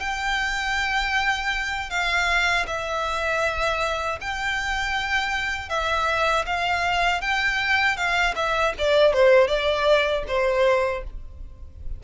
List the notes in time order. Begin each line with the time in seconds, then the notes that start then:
0.00 G5
1.90 F5
2.67 E5
4.21 G5
5.69 E5
6.46 F5
7.22 G5
7.97 F5
8.36 E5
8.79 D5
9.13 C5
9.48 D5
10.28 C5